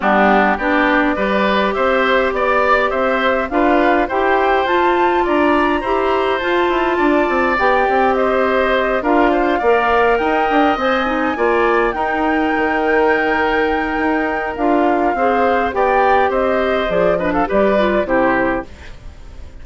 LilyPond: <<
  \new Staff \with { instrumentName = "flute" } { \time 4/4 \tempo 4 = 103 g'4 d''2 e''4 | d''4 e''4 f''4 g''4 | a''4 ais''2 a''4~ | a''4 g''4 dis''4. f''8~ |
f''4. g''4 gis''4.~ | gis''8 g''2.~ g''8~ | g''4 f''2 g''4 | dis''4 d''8 dis''16 f''16 d''4 c''4 | }
  \new Staff \with { instrumentName = "oboe" } { \time 4/4 d'4 g'4 b'4 c''4 | d''4 c''4 b'4 c''4~ | c''4 d''4 c''2 | d''2 c''4. ais'8 |
c''8 d''4 dis''2 d''8~ | d''8 ais'2.~ ais'8~ | ais'2 c''4 d''4 | c''4. b'16 a'16 b'4 g'4 | }
  \new Staff \with { instrumentName = "clarinet" } { \time 4/4 b4 d'4 g'2~ | g'2 f'4 g'4 | f'2 g'4 f'4~ | f'4 g'2~ g'8 f'8~ |
f'8 ais'2 c''8 dis'8 f'8~ | f'8 dis'2.~ dis'8~ | dis'4 f'4 gis'4 g'4~ | g'4 gis'8 d'8 g'8 f'8 e'4 | }
  \new Staff \with { instrumentName = "bassoon" } { \time 4/4 g4 b4 g4 c'4 | b4 c'4 d'4 e'4 | f'4 d'4 e'4 f'8 e'8 | d'8 c'8 b8 c'2 d'8~ |
d'8 ais4 dis'8 d'8 c'4 ais8~ | ais8 dis'4 dis2~ dis8 | dis'4 d'4 c'4 b4 | c'4 f4 g4 c4 | }
>>